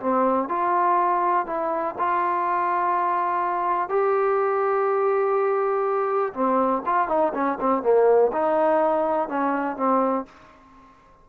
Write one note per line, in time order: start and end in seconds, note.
0.00 0.49 C4
0.49 1.46 F4
1.46 1.95 E4
1.98 3.89 F4
3.89 6.33 G4
6.34 6.83 C4
6.86 7.08 F4
7.08 7.32 D#4
7.34 7.58 C#4
7.60 7.83 C4
7.83 8.31 A#3
8.33 9.29 D#4
9.29 9.76 C#4
9.76 10.25 C4